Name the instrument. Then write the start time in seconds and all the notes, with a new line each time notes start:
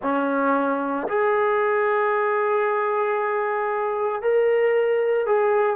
trombone
0.02 C#4
1.08 G#4
4.22 A#4
5.26 G#4